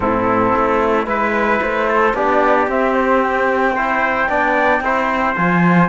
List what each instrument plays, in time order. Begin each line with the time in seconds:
0.00 cello A2, trombone C4, trumpet E4, flute A4
0.55 cello A3
1.04 cello G#3, trombone E4, flute B4, trumpet B4
1.61 cello A3, flute C5
1.88 trumpet A4
2.13 cello B3, trombone D4, trumpet G4, flute D5
2.67 cello C4, trombone C4, flute E5
2.93 flute C5
3.22 flute G5
3.75 trombone E4, trumpet C5
4.28 cello B3, trombone D4, trumpet D5
4.80 cello C4, trombone E4, trumpet C5
5.35 cello F3, trombone F4, flute G#5